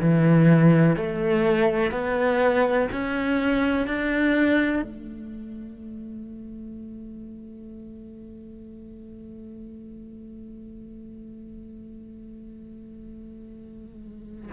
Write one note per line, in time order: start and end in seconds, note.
0.00 0.97 E3
0.97 1.92 A3
1.92 2.89 B3
2.93 3.88 C#4
3.88 4.83 D4
4.83 14.50 A3